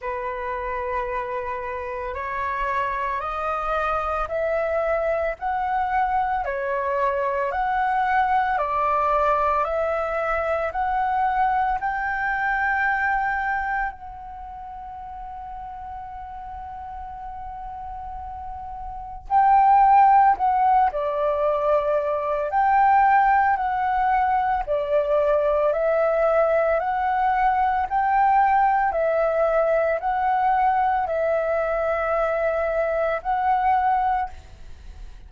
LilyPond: \new Staff \with { instrumentName = "flute" } { \time 4/4 \tempo 4 = 56 b'2 cis''4 dis''4 | e''4 fis''4 cis''4 fis''4 | d''4 e''4 fis''4 g''4~ | g''4 fis''2.~ |
fis''2 g''4 fis''8 d''8~ | d''4 g''4 fis''4 d''4 | e''4 fis''4 g''4 e''4 | fis''4 e''2 fis''4 | }